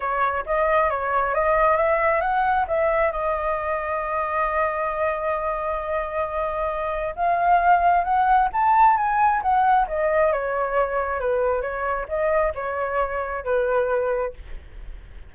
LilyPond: \new Staff \with { instrumentName = "flute" } { \time 4/4 \tempo 4 = 134 cis''4 dis''4 cis''4 dis''4 | e''4 fis''4 e''4 dis''4~ | dis''1~ | dis''1 |
f''2 fis''4 a''4 | gis''4 fis''4 dis''4 cis''4~ | cis''4 b'4 cis''4 dis''4 | cis''2 b'2 | }